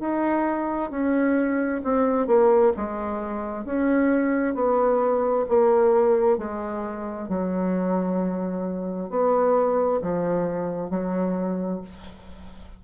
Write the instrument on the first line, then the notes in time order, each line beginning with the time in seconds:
bassoon
0.00 D#4
0.90 C#4
1.84 C4
2.27 A#3
2.76 G#3
3.65 C#4
4.55 B3
5.49 A#3
6.38 G#3
7.29 F#3
9.10 B3
10.02 F3
10.90 F#3